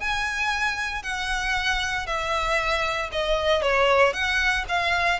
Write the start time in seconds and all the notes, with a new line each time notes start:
0.00 G#5
1.03 F#5
2.07 E5
3.12 D#5
3.62 C#5
4.13 F#5
4.69 F5